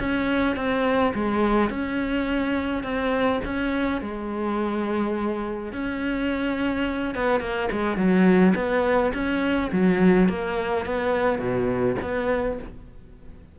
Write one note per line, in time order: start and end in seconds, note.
0.00 0.56 C#4
0.56 1.14 C4
1.15 1.70 G#3
1.70 2.84 C#4
2.84 3.41 C4
3.45 4.02 C#4
4.02 5.73 G#3
5.73 7.15 C#4
7.15 7.41 B3
7.41 7.69 A#3
7.72 7.97 G#3
7.97 8.54 F#3
8.56 9.13 B3
9.14 9.71 C#4
9.72 10.29 F#3
10.29 10.86 A#3
10.86 11.39 B3
11.39 11.97 B2
12.02 12.59 B3